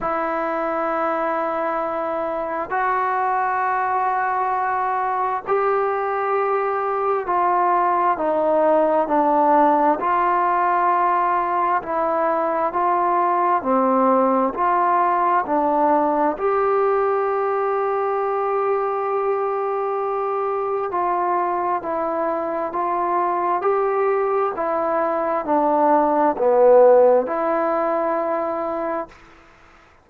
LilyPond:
\new Staff \with { instrumentName = "trombone" } { \time 4/4 \tempo 4 = 66 e'2. fis'4~ | fis'2 g'2 | f'4 dis'4 d'4 f'4~ | f'4 e'4 f'4 c'4 |
f'4 d'4 g'2~ | g'2. f'4 | e'4 f'4 g'4 e'4 | d'4 b4 e'2 | }